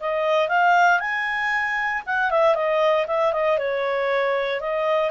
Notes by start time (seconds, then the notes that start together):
0.00 D#5
0.48 F5
1.00 G#5
2.06 F#5
2.31 E5
2.55 D#5
3.07 E5
3.32 D#5
3.58 C#5
4.60 D#5